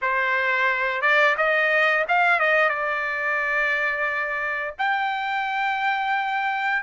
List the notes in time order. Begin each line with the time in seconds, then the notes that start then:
0.01 C5
1.01 D5
1.37 D#5
2.08 F5
2.39 D#5
2.69 D5
4.78 G5